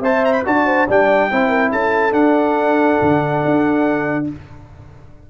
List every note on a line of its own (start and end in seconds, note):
0.00 0.43 C4
0.00 0.45 C5
0.00 0.43 E5
0.00 0.24 A5
0.24 0.32 A#5
0.32 0.43 B5
0.45 0.88 D4
0.45 0.87 F#4
0.45 0.66 D5
0.45 0.89 A5
0.66 0.87 C5
0.87 1.31 G3
0.87 1.30 D4
0.87 1.30 D5
0.87 1.71 G5
1.30 1.71 C4
1.30 2.11 E4
1.30 1.48 C5
1.48 1.70 A#4
1.71 2.12 C#4
1.71 4.26 A4
1.71 2.13 A5
2.11 4.24 D4
2.11 2.98 D4
2.11 4.26 F#5
3.01 3.44 D3
3.45 4.30 D4